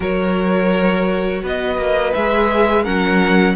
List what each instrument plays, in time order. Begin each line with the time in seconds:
0.00 cello F#3, viola F#4, violin A#4 C#5
1.42 cello B3, violin B4 D#5
1.77 cello A#3
2.13 cello G#3, viola G#4, violin E5
2.83 cello F#3, viola C#4, violin A#4 F#5